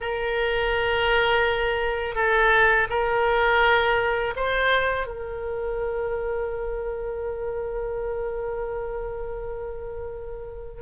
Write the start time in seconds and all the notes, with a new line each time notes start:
0.00 A#4
2.15 A4
2.89 A#4
4.35 C5
5.06 A#4